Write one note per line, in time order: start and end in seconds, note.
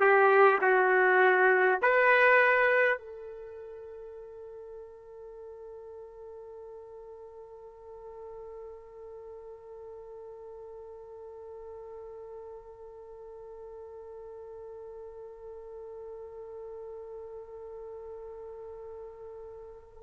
0.00 0.59 G4
0.61 1.79 F#4
1.82 2.98 B4
2.98 20.03 A4